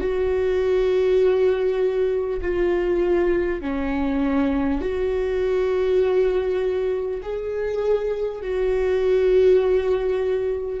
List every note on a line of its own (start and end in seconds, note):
0.00 2.40 F#4
2.41 3.61 F4
3.61 4.81 C#4
4.81 7.21 F#4
7.22 8.41 G#4
8.41 10.80 F#4